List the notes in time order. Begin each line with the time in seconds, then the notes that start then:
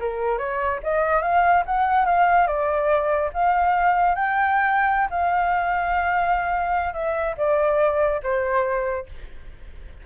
0.00 A#4
0.38 C#5
0.83 D#5
1.22 F5
1.66 F#5
2.05 F5
2.47 D5
3.34 F5
4.15 G5
5.10 F5
6.94 E5
7.38 D5
8.23 C5